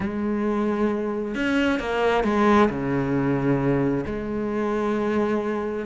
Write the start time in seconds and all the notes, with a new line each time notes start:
0.00 G#3
1.35 C#4
1.79 A#3
2.24 G#3
2.69 C#3
4.06 G#3